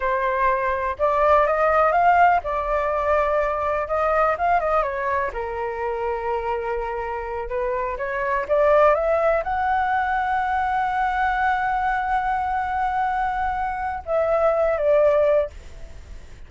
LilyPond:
\new Staff \with { instrumentName = "flute" } { \time 4/4 \tempo 4 = 124 c''2 d''4 dis''4 | f''4 d''2. | dis''4 f''8 dis''8 cis''4 ais'4~ | ais'2.~ ais'8 b'8~ |
b'8 cis''4 d''4 e''4 fis''8~ | fis''1~ | fis''1~ | fis''4 e''4. d''4. | }